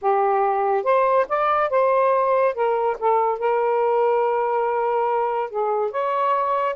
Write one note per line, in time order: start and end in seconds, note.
0.01 0.83 G4
0.83 1.26 C5
1.28 1.70 D5
1.70 2.54 C5
2.54 2.96 A#4
2.99 3.38 A4
3.38 5.49 A#4
5.49 5.91 G#4
5.91 6.75 C#5